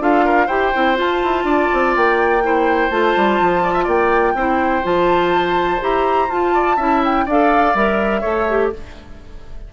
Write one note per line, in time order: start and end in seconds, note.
0.00 0.48 D4
0.00 0.48 F4
0.00 0.25 A4
0.00 0.48 F5
0.25 0.46 A#4
0.46 0.72 E4
0.46 0.73 G4
0.46 1.43 C5
0.46 0.96 G5
0.74 0.99 C4
0.74 0.96 E4
0.96 2.41 F4
0.96 1.23 F4
0.96 1.96 A5
1.23 1.44 E4
1.44 1.68 D4
1.44 2.43 D5
1.73 1.96 C4
1.96 2.90 A#3
1.96 2.90 G5
2.43 2.91 E4
2.43 3.63 C5
2.90 3.14 A3
2.90 4.36 F4
2.90 3.87 A5
3.16 3.40 G3
3.40 3.87 F3
3.63 3.73 D5
3.73 3.84 E5
3.84 4.34 A#3
3.84 4.32 D5
3.84 4.85 G5
4.34 4.83 C4
4.34 4.83 E4
4.34 6.54 C5
4.83 5.81 F3
4.83 5.80 F4
4.83 5.82 A5
5.80 6.28 E4
5.80 6.29 G4
5.80 6.31 A#5
6.28 6.77 F4
6.28 6.78 F4
6.28 7.03 A5
6.54 6.76 D5
6.76 7.25 C#4
6.76 7.26 E4
6.76 7.25 E5
7.04 7.29 G5
7.25 7.74 D4
7.25 7.75 A4
7.25 8.20 D5
7.25 7.76 F5
7.74 8.22 G3
7.74 8.22 A#4
7.74 8.72 E5
8.20 8.73 A3
8.20 8.46 A4
8.20 8.69 C#5
8.49 8.73 G4